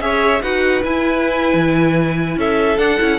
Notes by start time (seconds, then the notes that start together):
0.00 C#4 G#4 C#5 E5
0.42 D#4 F#4 B4 F#5
0.83 E4 G#5
1.53 E3
2.36 C#4 A4 E5
2.78 D4 F#5
2.98 C#4 E4